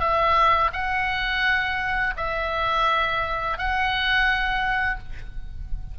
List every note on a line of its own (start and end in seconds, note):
0.00 0.71 E5
0.73 2.14 F#5
2.17 3.58 E5
3.58 4.99 F#5